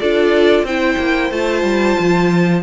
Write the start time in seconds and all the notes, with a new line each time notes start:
0.00 D4 F4 A4 D5
0.63 C4 E4 C5 G5
0.98 A#3
1.31 A3 F4 A5
1.63 G3
2.00 F3